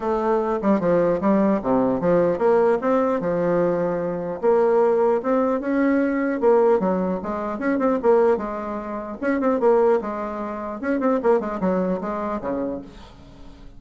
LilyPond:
\new Staff \with { instrumentName = "bassoon" } { \time 4/4 \tempo 4 = 150 a4. g8 f4 g4 | c4 f4 ais4 c'4 | f2. ais4~ | ais4 c'4 cis'2 |
ais4 fis4 gis4 cis'8 c'8 | ais4 gis2 cis'8 c'8 | ais4 gis2 cis'8 c'8 | ais8 gis8 fis4 gis4 cis4 | }